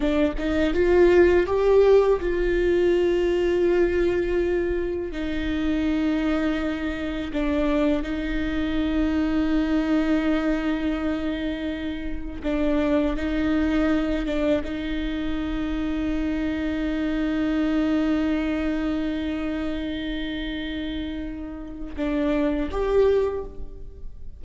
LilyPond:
\new Staff \with { instrumentName = "viola" } { \time 4/4 \tempo 4 = 82 d'8 dis'8 f'4 g'4 f'4~ | f'2. dis'4~ | dis'2 d'4 dis'4~ | dis'1~ |
dis'4 d'4 dis'4. d'8 | dis'1~ | dis'1~ | dis'2 d'4 g'4 | }